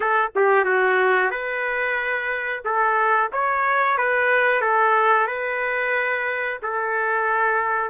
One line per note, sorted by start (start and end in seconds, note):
0.00 0.31 A4
0.35 0.64 G4
0.64 1.30 F#4
1.30 2.62 B4
2.65 3.31 A4
3.32 3.97 C#5
3.97 4.61 B4
4.61 5.27 A4
5.27 6.58 B4
6.62 7.89 A4